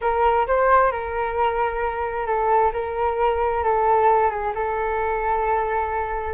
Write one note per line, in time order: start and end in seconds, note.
0.01 0.46 A#4
0.47 0.91 C5
0.91 2.26 A#4
2.26 2.71 A4
2.72 3.63 A#4
3.63 4.30 A4
4.30 4.53 G#4
4.54 6.33 A4